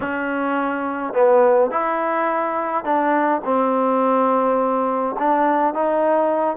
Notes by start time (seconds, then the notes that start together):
0.00 C#4
1.13 B3
1.70 E4
2.84 D4
3.44 C4
5.18 D4
5.74 D#4